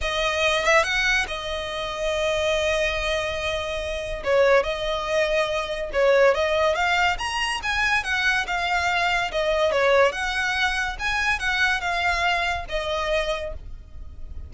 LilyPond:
\new Staff \with { instrumentName = "violin" } { \time 4/4 \tempo 4 = 142 dis''4. e''8 fis''4 dis''4~ | dis''1~ | dis''2 cis''4 dis''4~ | dis''2 cis''4 dis''4 |
f''4 ais''4 gis''4 fis''4 | f''2 dis''4 cis''4 | fis''2 gis''4 fis''4 | f''2 dis''2 | }